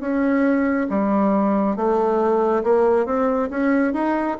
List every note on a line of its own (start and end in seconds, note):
0.00 0.87 C#4
0.89 1.76 G3
1.76 2.63 A3
2.63 3.06 A#3
3.06 3.49 C4
3.50 3.93 C#4
3.93 4.37 D#4